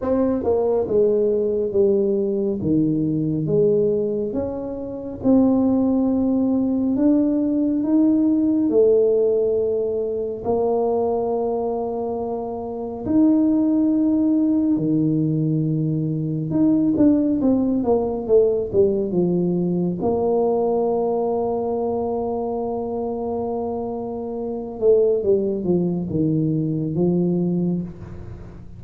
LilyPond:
\new Staff \with { instrumentName = "tuba" } { \time 4/4 \tempo 4 = 69 c'8 ais8 gis4 g4 dis4 | gis4 cis'4 c'2 | d'4 dis'4 a2 | ais2. dis'4~ |
dis'4 dis2 dis'8 d'8 | c'8 ais8 a8 g8 f4 ais4~ | ais1~ | ais8 a8 g8 f8 dis4 f4 | }